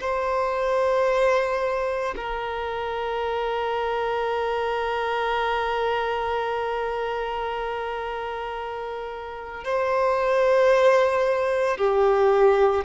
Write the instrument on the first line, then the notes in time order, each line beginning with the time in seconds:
violin
0.00 C5
2.16 A#4
9.64 C5
11.77 G4